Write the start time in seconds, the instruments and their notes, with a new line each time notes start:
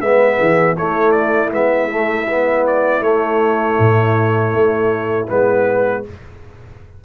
0.00 tuba G#3, trombone B3, horn B4, trumpet E5
0.38 tuba E3, horn G#4
0.77 trombone A3, tuba A3, horn E4, trumpet C#5
1.11 trumpet D5
1.51 tuba G#3, trombone B3, trumpet E5
1.89 trombone A3
2.27 trombone B3
2.67 trumpet D5
3.00 tuba A3, trombone A3, trumpet C#5
3.79 tuba A2
4.53 tuba A3
5.28 tuba G#3, trombone B3, trumpet B4